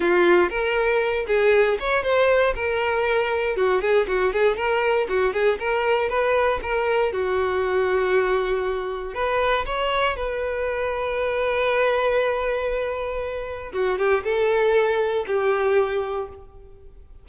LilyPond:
\new Staff \with { instrumentName = "violin" } { \time 4/4 \tempo 4 = 118 f'4 ais'4. gis'4 cis''8 | c''4 ais'2 fis'8 gis'8 | fis'8 gis'8 ais'4 fis'8 gis'8 ais'4 | b'4 ais'4 fis'2~ |
fis'2 b'4 cis''4 | b'1~ | b'2. fis'8 g'8 | a'2 g'2 | }